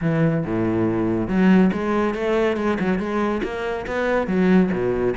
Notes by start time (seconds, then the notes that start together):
0.01 E3
0.45 A2
1.27 F#3
1.72 G#3
2.14 A3
2.56 G#3
2.79 F#3
2.98 G#3
3.43 A#3
3.86 B3
4.27 F#3
4.72 B2